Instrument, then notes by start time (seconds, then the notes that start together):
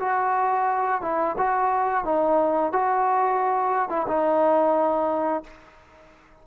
trombone
0.00 F#4
1.02 E4
1.38 F#4
2.05 D#4
2.72 F#4
3.90 E4
4.08 D#4